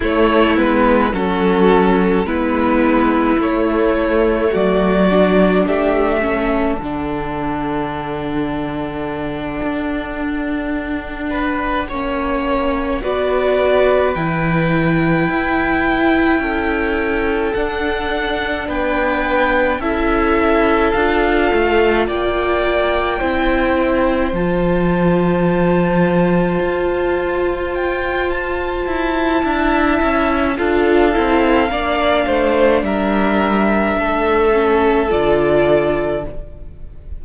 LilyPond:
<<
  \new Staff \with { instrumentName = "violin" } { \time 4/4 \tempo 4 = 53 cis''8 b'8 a'4 b'4 cis''4 | d''4 e''4 fis''2~ | fis''2.~ fis''8 d''8~ | d''8 g''2. fis''8~ |
fis''8 g''4 e''4 f''4 g''8~ | g''4. a''2~ a''8~ | a''8 g''8 a''2 f''4~ | f''4 e''2 d''4 | }
  \new Staff \with { instrumentName = "violin" } { \time 4/4 e'4 fis'4 e'2 | fis'4 g'8 a'2~ a'8~ | a'2 b'8 cis''4 b'8~ | b'2~ b'8 a'4.~ |
a'8 b'4 a'2 d''8~ | d''8 c''2.~ c''8~ | c''2 e''4 a'4 | d''8 c''8 ais'4 a'2 | }
  \new Staff \with { instrumentName = "viola" } { \time 4/4 a8 b8 cis'4 b4 a4~ | a8 d'4 cis'8 d'2~ | d'2~ d'8 cis'4 fis'8~ | fis'8 e'2. d'8~ |
d'4. e'4 f'4.~ | f'8 e'4 f'2~ f'8~ | f'2 e'4 f'8 e'8 | d'2~ d'8 cis'8 f'4 | }
  \new Staff \with { instrumentName = "cello" } { \time 4/4 a8 gis8 fis4 gis4 a4 | fis4 a4 d2~ | d8 d'2 ais4 b8~ | b8 e4 e'4 cis'4 d'8~ |
d'8 b4 cis'4 d'8 a8 ais8~ | ais8 c'4 f2 f'8~ | f'4. e'8 d'8 cis'8 d'8 c'8 | ais8 a8 g4 a4 d4 | }
>>